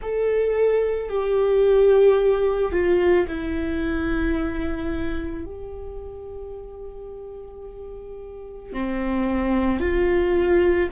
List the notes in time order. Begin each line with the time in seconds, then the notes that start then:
0.01 A4
1.09 G4
2.72 F4
3.27 E4
5.45 G4
8.73 C4
9.79 F4